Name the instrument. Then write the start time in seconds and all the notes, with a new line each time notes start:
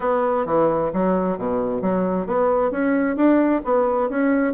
bassoon
0.00 B3
0.45 E3
0.93 F#3
1.38 B2
1.81 F#3
2.26 B3
2.71 C#4
3.16 D4
3.64 B3
4.09 C#4